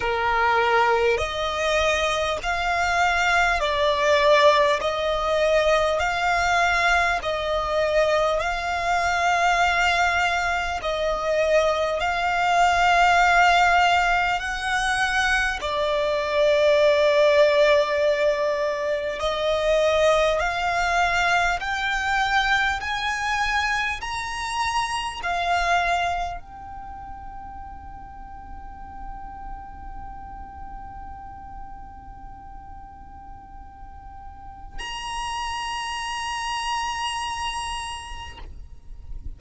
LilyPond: \new Staff \with { instrumentName = "violin" } { \time 4/4 \tempo 4 = 50 ais'4 dis''4 f''4 d''4 | dis''4 f''4 dis''4 f''4~ | f''4 dis''4 f''2 | fis''4 d''2. |
dis''4 f''4 g''4 gis''4 | ais''4 f''4 g''2~ | g''1~ | g''4 ais''2. | }